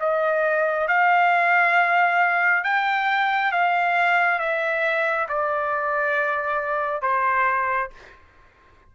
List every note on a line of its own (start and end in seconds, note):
0.00 0.88 D#5
0.88 2.64 F5
2.64 3.52 G5
3.52 4.39 F5
4.39 5.27 E5
5.29 7.02 D5
7.02 7.90 C5